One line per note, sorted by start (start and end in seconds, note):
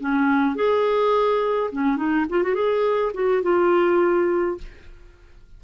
0.00 0.55 C#4
0.55 1.71 G#4
1.72 1.97 C#4
1.97 2.26 D#4
2.30 2.43 F4
2.43 2.55 F#4
2.55 3.13 G#4
3.14 3.43 F#4
3.43 4.58 F4